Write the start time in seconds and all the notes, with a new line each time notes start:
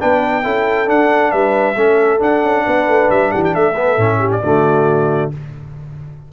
0.00 B3 D4 B4 G5
0.43 C#4 E4 A4
0.87 D4 F#5
1.32 G3 B4 E5
1.76 A3 C#4 A4
2.19 D4 F#5
2.43 C#4
2.66 B3 B4
2.88 A3
3.10 G3 E5
3.31 E3 G4 F#5
3.45 G5
3.55 A3 A4 E5
3.76 B3
3.98 A2 C#4
4.19 G4
4.32 D5
4.43 D3 A3 F#4